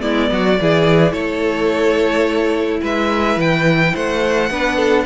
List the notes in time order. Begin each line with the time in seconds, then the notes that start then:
0.00 G#3 B3 E4 D5
0.31 F#3 F#4
0.60 E3 E4 G#4
1.12 A3 A4 C#5
2.80 G#3 B4 E5
3.36 E3 G5
3.94 A3 C5 F#5
4.50 B3 D4 B4
4.76 A4